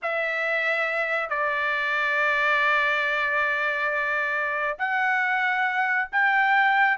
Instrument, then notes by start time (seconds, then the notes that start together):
trumpet
0.02 E5
1.29 D5
4.78 F#5
6.11 G5